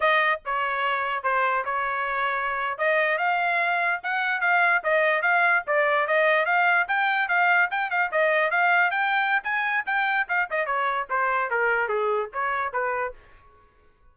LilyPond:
\new Staff \with { instrumentName = "trumpet" } { \time 4/4 \tempo 4 = 146 dis''4 cis''2 c''4 | cis''2~ cis''8. dis''4 f''16~ | f''4.~ f''16 fis''4 f''4 dis''16~ | dis''8. f''4 d''4 dis''4 f''16~ |
f''8. g''4 f''4 g''8 f''8 dis''16~ | dis''8. f''4 g''4~ g''16 gis''4 | g''4 f''8 dis''8 cis''4 c''4 | ais'4 gis'4 cis''4 b'4 | }